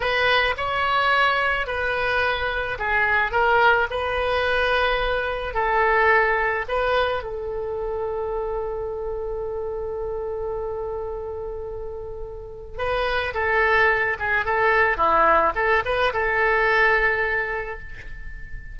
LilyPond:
\new Staff \with { instrumentName = "oboe" } { \time 4/4 \tempo 4 = 108 b'4 cis''2 b'4~ | b'4 gis'4 ais'4 b'4~ | b'2 a'2 | b'4 a'2.~ |
a'1~ | a'2. b'4 | a'4. gis'8 a'4 e'4 | a'8 b'8 a'2. | }